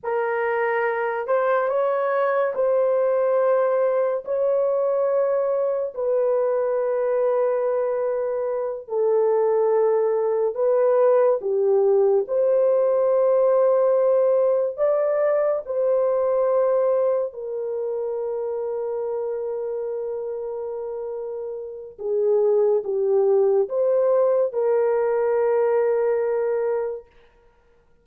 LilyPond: \new Staff \with { instrumentName = "horn" } { \time 4/4 \tempo 4 = 71 ais'4. c''8 cis''4 c''4~ | c''4 cis''2 b'4~ | b'2~ b'8 a'4.~ | a'8 b'4 g'4 c''4.~ |
c''4. d''4 c''4.~ | c''8 ais'2.~ ais'8~ | ais'2 gis'4 g'4 | c''4 ais'2. | }